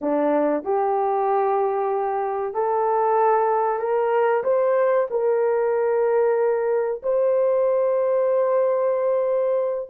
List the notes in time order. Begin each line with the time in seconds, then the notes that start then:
0.01 D4
0.64 G4
2.54 A4
3.79 A#4
4.43 C5
5.10 A#4
7.02 C5